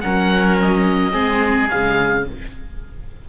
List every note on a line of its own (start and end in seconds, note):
0.00 1.13 F#3
0.00 1.11 C#4
0.00 1.13 A#4
0.00 0.56 F#5
0.61 1.69 D#5
1.11 1.69 G#3
1.11 1.67 C4
1.11 2.24 G#4
1.69 2.29 C#3
1.69 2.25 G#3
1.69 2.25 F5